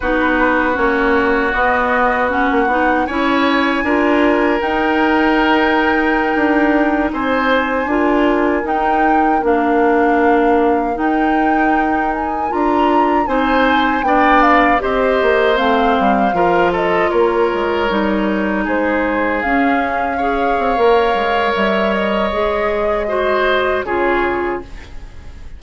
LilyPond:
<<
  \new Staff \with { instrumentName = "flute" } { \time 4/4 \tempo 4 = 78 b'4 cis''4 dis''4 fis''4 | gis''2 g''2~ | g''4~ g''16 gis''2 g''8.~ | g''16 f''2 g''4. gis''16~ |
gis''16 ais''4 gis''4 g''8 f''8 dis''8.~ | dis''16 f''4. dis''8 cis''4.~ cis''16~ | cis''16 c''4 f''2~ f''8. | e''8 dis''2~ dis''8 cis''4 | }
  \new Staff \with { instrumentName = "oboe" } { \time 4/4 fis'1 | cis''4 ais'2.~ | ais'4~ ais'16 c''4 ais'4.~ ais'16~ | ais'1~ |
ais'4~ ais'16 c''4 d''4 c''8.~ | c''4~ c''16 ais'8 a'8 ais'4.~ ais'16~ | ais'16 gis'2 cis''4.~ cis''16~ | cis''2 c''4 gis'4 | }
  \new Staff \with { instrumentName = "clarinet" } { \time 4/4 dis'4 cis'4 b4 cis'8 dis'8 | e'4 f'4 dis'2~ | dis'2~ dis'16 f'4 dis'8.~ | dis'16 d'2 dis'4.~ dis'16~ |
dis'16 f'4 dis'4 d'4 g'8.~ | g'16 c'4 f'2 dis'8.~ | dis'4~ dis'16 cis'4 gis'8. ais'4~ | ais'4 gis'4 fis'4 f'4 | }
  \new Staff \with { instrumentName = "bassoon" } { \time 4/4 b4 ais4 b4~ b16 ais16 b8 | cis'4 d'4 dis'2~ | dis'16 d'4 c'4 d'4 dis'8.~ | dis'16 ais2 dis'4.~ dis'16~ |
dis'16 d'4 c'4 b4 c'8 ais16~ | ais16 a8 g8 f4 ais8 gis8 g8.~ | g16 gis4 cis'4. c'16 ais8 gis8 | g4 gis2 cis4 | }
>>